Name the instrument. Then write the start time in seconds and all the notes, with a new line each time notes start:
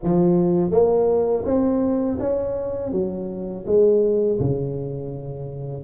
tuba
0.03 F3
0.71 A#3
1.45 C4
2.19 C#4
2.91 F#3
3.66 G#3
4.40 C#3